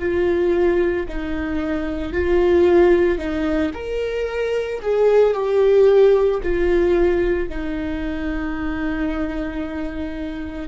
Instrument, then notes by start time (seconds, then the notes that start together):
viola
0.00 F4
1.09 D#4
2.13 F4
3.19 D#4
3.75 A#4
4.82 G#4
5.34 G4
6.43 F4
7.50 D#4